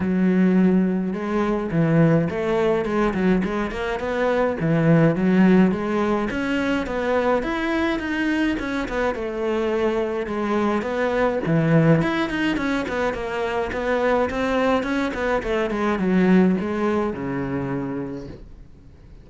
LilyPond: \new Staff \with { instrumentName = "cello" } { \time 4/4 \tempo 4 = 105 fis2 gis4 e4 | a4 gis8 fis8 gis8 ais8 b4 | e4 fis4 gis4 cis'4 | b4 e'4 dis'4 cis'8 b8 |
a2 gis4 b4 | e4 e'8 dis'8 cis'8 b8 ais4 | b4 c'4 cis'8 b8 a8 gis8 | fis4 gis4 cis2 | }